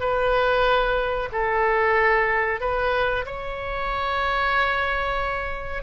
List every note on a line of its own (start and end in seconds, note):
0.00 1.29 B4
1.32 2.61 A4
2.61 3.25 B4
3.26 5.83 C#5